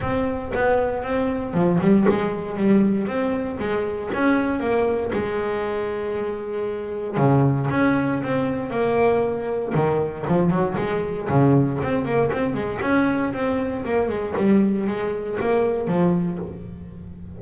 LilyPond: \new Staff \with { instrumentName = "double bass" } { \time 4/4 \tempo 4 = 117 c'4 b4 c'4 f8 g8 | gis4 g4 c'4 gis4 | cis'4 ais4 gis2~ | gis2 cis4 cis'4 |
c'4 ais2 dis4 | f8 fis8 gis4 cis4 c'8 ais8 | c'8 gis8 cis'4 c'4 ais8 gis8 | g4 gis4 ais4 f4 | }